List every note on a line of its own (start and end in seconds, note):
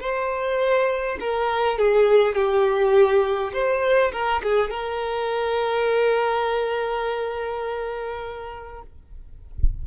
0.00 1.18 C5
1.20 1.78 A#4
1.78 2.35 G#4
2.35 3.52 G4
3.53 4.12 C5
4.12 4.42 A#4
4.43 4.70 G#4
4.70 8.82 A#4